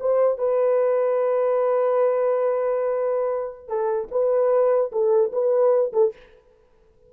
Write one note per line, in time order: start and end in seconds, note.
0.00 0.38 C5
0.38 3.68 B4
3.68 4.08 A4
4.11 4.91 B4
4.92 5.32 A4
5.33 5.93 B4
5.93 6.13 A4